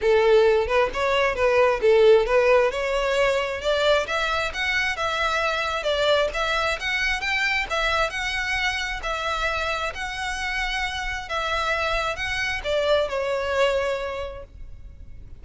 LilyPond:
\new Staff \with { instrumentName = "violin" } { \time 4/4 \tempo 4 = 133 a'4. b'8 cis''4 b'4 | a'4 b'4 cis''2 | d''4 e''4 fis''4 e''4~ | e''4 d''4 e''4 fis''4 |
g''4 e''4 fis''2 | e''2 fis''2~ | fis''4 e''2 fis''4 | d''4 cis''2. | }